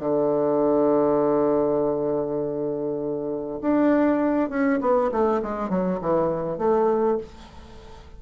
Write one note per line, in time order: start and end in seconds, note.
0.00 3.60 D3
3.61 4.50 D4
4.50 4.80 C#4
4.81 5.11 B3
5.12 5.42 A3
5.43 5.69 G#3
5.69 5.99 F#3
6.01 6.58 E3
6.58 7.18 A3